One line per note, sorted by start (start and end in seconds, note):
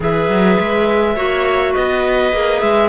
0.00 0.29 E3
0.00 1.16 G#4
0.00 1.16 B4
0.00 1.73 E5
0.29 0.58 F#3
0.59 1.16 G#3
1.16 1.75 A#3
1.16 2.32 F#4
1.16 1.71 C#5
1.71 2.33 B3
1.71 2.87 B4
1.71 2.60 D#5
2.32 2.61 A#3
2.32 2.88 G#4
2.60 2.88 G#3
2.60 2.88 E5